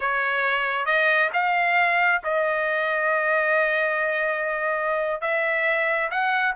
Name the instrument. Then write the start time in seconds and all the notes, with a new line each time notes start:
trumpet
0.00 C#5
0.85 D#5
1.33 F5
2.23 D#5
5.21 E5
6.11 F#5